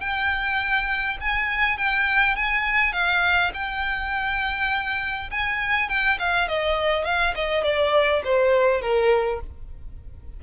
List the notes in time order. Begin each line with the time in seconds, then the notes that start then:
0.00 G5
1.20 G#5
1.77 G5
2.35 G#5
2.93 F5
3.53 G5
5.30 G#5
5.89 G5
6.19 F5
6.48 D#5
7.05 F5
7.35 D#5
7.64 D5
8.24 C5
8.81 A#4